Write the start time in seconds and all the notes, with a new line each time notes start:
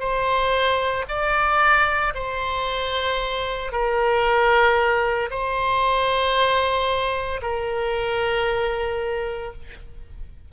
0.00 C5
1.09 D5
2.15 C5
3.72 A#4
5.31 C5
7.43 A#4